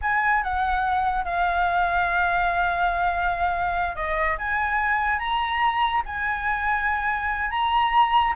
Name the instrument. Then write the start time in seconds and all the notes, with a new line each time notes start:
flute
0.01 G#5
0.43 F#5
1.24 F5
3.95 D#5
4.38 G#5
5.19 A#5
6.05 G#5
7.50 A#5